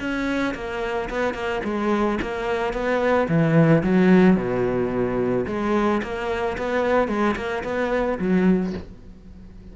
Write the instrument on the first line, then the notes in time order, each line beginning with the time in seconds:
cello
0.00 C#4
0.55 A#3
1.10 B3
1.34 A#3
1.65 G#3
2.22 A#3
2.73 B3
3.29 E3
3.83 F#3
4.37 B2
5.47 G#3
6.03 A#3
6.58 B3
7.08 G#3
7.36 A#3
7.64 B3
8.19 F#3